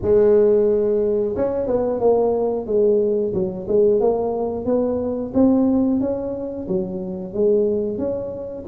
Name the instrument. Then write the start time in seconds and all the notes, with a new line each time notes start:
tuba
0.02 G#3
1.35 C#4
1.66 B3
2.00 A#3
2.66 G#3
3.33 F#3
3.68 G#3
4.00 A#3
4.65 B3
5.33 C4
6.00 C#4
6.68 F#3
7.33 G#3
7.98 C#4